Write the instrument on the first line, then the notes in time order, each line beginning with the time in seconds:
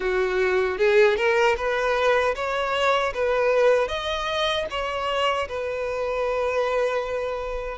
violin
0.00 F#4
0.78 G#4
1.17 A#4
1.57 B4
2.35 C#5
3.14 B4
3.87 D#5
4.70 C#5
5.48 B4